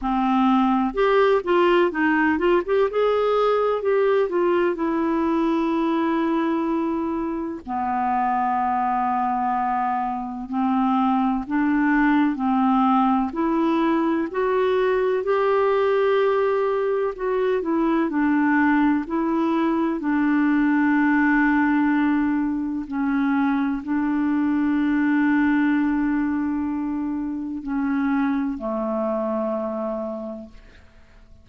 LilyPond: \new Staff \with { instrumentName = "clarinet" } { \time 4/4 \tempo 4 = 63 c'4 g'8 f'8 dis'8 f'16 g'16 gis'4 | g'8 f'8 e'2. | b2. c'4 | d'4 c'4 e'4 fis'4 |
g'2 fis'8 e'8 d'4 | e'4 d'2. | cis'4 d'2.~ | d'4 cis'4 a2 | }